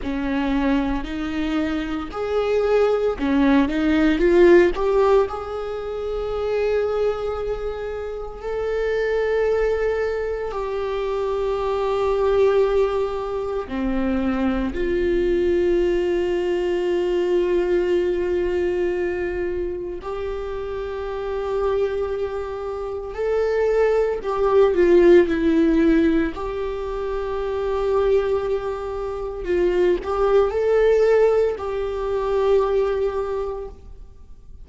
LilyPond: \new Staff \with { instrumentName = "viola" } { \time 4/4 \tempo 4 = 57 cis'4 dis'4 gis'4 cis'8 dis'8 | f'8 g'8 gis'2. | a'2 g'2~ | g'4 c'4 f'2~ |
f'2. g'4~ | g'2 a'4 g'8 f'8 | e'4 g'2. | f'8 g'8 a'4 g'2 | }